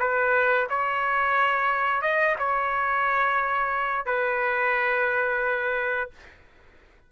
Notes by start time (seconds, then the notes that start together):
0.00 B4
0.70 C#5
2.02 D#5
2.40 C#5
4.06 B4